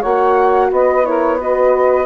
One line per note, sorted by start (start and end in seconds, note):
0.00 0.71 A#3
0.00 1.05 F#4
0.00 0.68 C#5
0.00 0.71 F#5
0.71 2.07 B3
0.71 1.07 B4
0.71 1.06 D#5
1.05 1.39 E4
1.05 1.39 A#4
1.05 1.40 C#5
1.39 2.07 F#4
1.39 2.07 B4
1.39 2.07 D#5